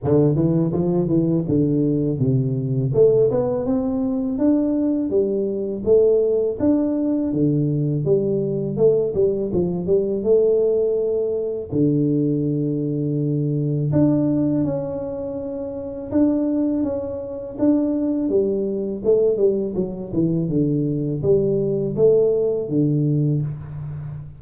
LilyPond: \new Staff \with { instrumentName = "tuba" } { \time 4/4 \tempo 4 = 82 d8 e8 f8 e8 d4 c4 | a8 b8 c'4 d'4 g4 | a4 d'4 d4 g4 | a8 g8 f8 g8 a2 |
d2. d'4 | cis'2 d'4 cis'4 | d'4 g4 a8 g8 fis8 e8 | d4 g4 a4 d4 | }